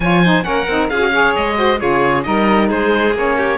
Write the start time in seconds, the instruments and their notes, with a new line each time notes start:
0.00 cello F3, saxophone F4, violin C#5, oboe G#5
0.22 saxophone D#4, violin C5
0.42 cello A#3, saxophone C#4, violin A#4, oboe F#5
0.67 cello C4, saxophone D#4
0.89 cello C#4, saxophone F4, violin G#4, oboe F5
0.99 saxophone F#4
1.12 saxophone G#4, violin C#5
1.35 cello G#3, oboe D#5
1.55 saxophone F#4, violin C5
1.78 cello C#3, saxophone F4, violin G#4, oboe C#5
2.22 cello G3, saxophone D#4, violin A#4, oboe D#5
2.68 cello G#3, violin G#4, oboe C5
3.14 cello A#3, saxophone C#4, oboe C#5
3.37 violin G4